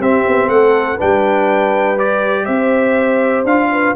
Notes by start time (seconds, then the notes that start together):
0.00 C4 G4 E5
0.28 B3
0.48 A3 A4 F#5
0.96 G3 D4 B4 G5
1.98 G4 D5
2.46 C4 C5 E5
3.45 D4 F4 F5
3.72 B4